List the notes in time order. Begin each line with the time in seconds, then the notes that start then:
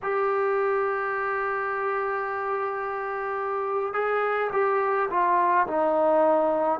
0.02 G4
3.93 G#4
4.52 G4
5.09 F4
5.67 D#4